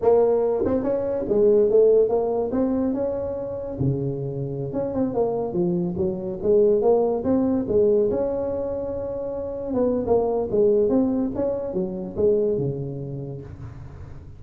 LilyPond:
\new Staff \with { instrumentName = "tuba" } { \time 4/4 \tempo 4 = 143 ais4. c'8 cis'4 gis4 | a4 ais4 c'4 cis'4~ | cis'4 cis2~ cis16 cis'8 c'16~ | c'16 ais4 f4 fis4 gis8.~ |
gis16 ais4 c'4 gis4 cis'8.~ | cis'2.~ cis'16 b8. | ais4 gis4 c'4 cis'4 | fis4 gis4 cis2 | }